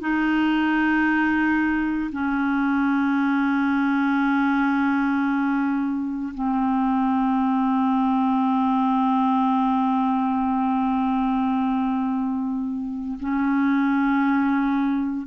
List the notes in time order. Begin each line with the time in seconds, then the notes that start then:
0.00 D#4
2.12 C#4
6.34 C4
13.20 C#4